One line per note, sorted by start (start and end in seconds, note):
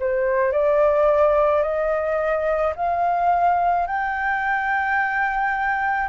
0.00 0.53 C5
0.53 1.63 D5
1.63 2.74 D#5
2.76 3.87 F5
3.87 6.09 G5